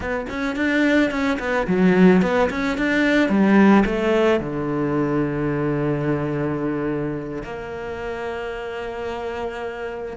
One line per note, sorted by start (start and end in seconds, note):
0.00 0.26 B3
0.29 0.56 C#4
0.56 1.10 D4
1.10 1.38 C#4
1.39 1.66 B3
1.67 2.22 F#3
2.22 2.49 B3
2.49 2.77 C#4
2.77 3.29 D4
3.29 3.84 G3
3.85 4.40 A3
4.40 7.43 D3
7.43 10.17 A#3